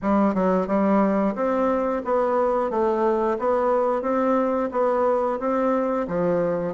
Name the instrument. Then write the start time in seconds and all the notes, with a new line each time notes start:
bassoon
0.02 G3
0.34 F#3
0.67 G3
1.35 C4
2.04 B3
2.70 A3
3.38 B3
4.02 C4
4.71 B3
5.39 C4
6.07 F3